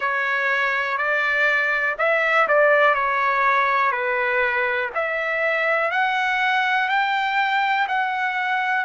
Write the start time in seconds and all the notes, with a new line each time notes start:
0.00 C#5
0.97 D5
1.98 E5
2.48 D5
2.94 C#5
3.91 B4
4.94 E5
5.91 F#5
6.89 G5
7.88 F#5